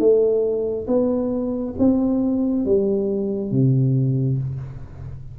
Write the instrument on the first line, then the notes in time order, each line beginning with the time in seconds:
tuba
0.00 A3
0.88 B3
1.79 C4
2.66 G3
3.52 C3